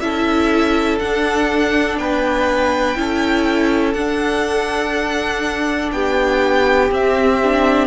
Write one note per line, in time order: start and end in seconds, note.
0.00 1.00 C#4
0.00 1.00 E4
0.00 2.00 A4
0.00 0.98 E5
0.99 2.96 D4
0.99 1.97 D4
0.99 1.97 F#5
1.97 2.96 B3
1.97 2.98 B4
1.97 3.94 G5
2.96 3.94 C#4
2.96 3.94 E4
2.96 5.94 A4
3.94 5.91 D4
3.94 6.90 D4
3.94 5.90 F#5
5.92 6.90 B3
5.92 7.87 G4
5.92 6.91 G5
6.90 7.39 C4
6.90 7.87 C4
6.90 7.87 E5
7.44 7.87 D4